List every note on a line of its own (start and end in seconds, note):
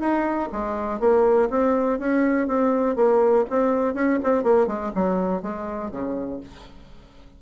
0.00 0.49 D#4
0.52 1.00 G#3
1.00 1.49 A#3
1.50 1.99 C4
1.99 2.48 C#4
2.48 2.96 C4
2.96 3.45 A#3
3.50 3.95 C4
3.95 4.19 C#4
4.24 4.44 C4
4.44 4.67 A#3
4.67 4.92 G#3
4.95 5.43 F#3
5.43 5.91 G#3
5.91 6.40 C#3